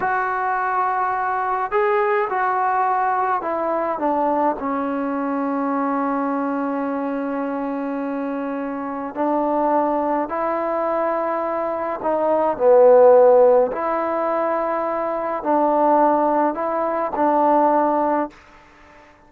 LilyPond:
\new Staff \with { instrumentName = "trombone" } { \time 4/4 \tempo 4 = 105 fis'2. gis'4 | fis'2 e'4 d'4 | cis'1~ | cis'1 |
d'2 e'2~ | e'4 dis'4 b2 | e'2. d'4~ | d'4 e'4 d'2 | }